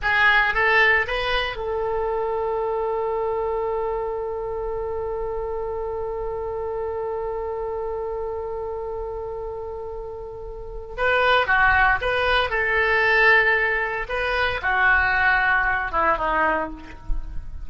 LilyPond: \new Staff \with { instrumentName = "oboe" } { \time 4/4 \tempo 4 = 115 gis'4 a'4 b'4 a'4~ | a'1~ | a'1~ | a'1~ |
a'1~ | a'4 b'4 fis'4 b'4 | a'2. b'4 | fis'2~ fis'8 e'8 dis'4 | }